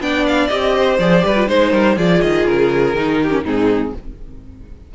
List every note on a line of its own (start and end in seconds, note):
0.00 0.49 B3
0.00 0.50 D4
0.00 0.76 D5
0.00 0.26 G5
0.27 0.48 F5
0.48 0.99 C4
0.48 0.99 G4
0.48 0.97 D#5
0.76 1.25 C5
0.99 1.23 F3
0.99 1.21 G#4
0.99 1.48 D5
1.21 1.48 G3
1.21 1.34 G4
1.21 1.49 B4
1.36 1.47 F4
1.47 1.73 G#3
1.47 1.96 D#4
1.47 1.72 C5
1.47 1.98 C5
1.72 1.97 G3
1.72 1.96 A#4
1.97 2.21 F3
1.97 2.95 F4
1.97 3.20 G#4
1.97 2.22 D5
2.22 2.47 D#3
2.22 2.46 D#5
2.46 2.94 C#3
2.46 3.45 A#4
2.94 3.43 D#3
2.94 3.31 D#4
3.22 3.44 G4
3.31 3.43 C#4
3.44 3.93 G#2
3.44 3.94 C4
3.44 3.93 D#4
3.44 3.95 G#4